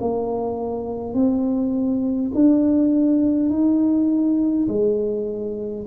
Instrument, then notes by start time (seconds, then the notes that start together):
tuba
0.00 A#3
1.14 C4
2.34 D4
3.49 D#4
4.68 G#3